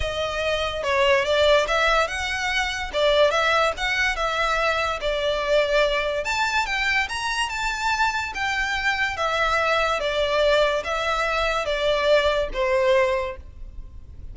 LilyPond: \new Staff \with { instrumentName = "violin" } { \time 4/4 \tempo 4 = 144 dis''2 cis''4 d''4 | e''4 fis''2 d''4 | e''4 fis''4 e''2 | d''2. a''4 |
g''4 ais''4 a''2 | g''2 e''2 | d''2 e''2 | d''2 c''2 | }